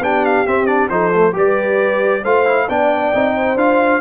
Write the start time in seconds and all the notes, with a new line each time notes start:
0.00 B3 D4 G4 G5
0.26 F5
0.47 C4 E5
0.66 D4 D5
0.90 F3 D#4 A4 C5
1.15 A3
1.33 G3 G4 B4 D5
2.23 A3 F4 C5 F5
2.46 E4
2.69 B3 D4 D5 G5
3.14 C4 D#4
3.35 C5
3.56 D4 F4 F5